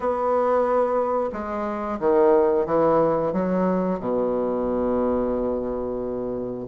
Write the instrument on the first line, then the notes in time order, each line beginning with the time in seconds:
bassoon
0.00 B3
1.32 G#3
1.99 D#3
2.66 E3
3.32 F#3
3.99 B2